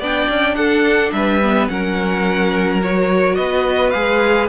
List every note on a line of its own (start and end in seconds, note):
0.00 0.28 B3
0.00 1.43 D4
0.00 0.56 D5
0.00 0.55 G5
0.29 0.56 C#4
0.55 1.12 D4
0.55 1.14 A4
0.55 1.12 F#5
1.12 1.69 G3
1.12 1.72 B4
1.12 1.69 E5
1.43 1.69 B3
1.69 3.38 F#3
1.69 2.81 C#4
1.69 3.37 A#4
1.69 2.81 F#5
2.83 3.93 F#4
2.83 3.36 C#5
3.36 3.94 B3
3.36 4.50 B4
3.36 3.91 D#5
3.91 4.50 G#3
3.91 4.50 G#4
3.91 4.47 F5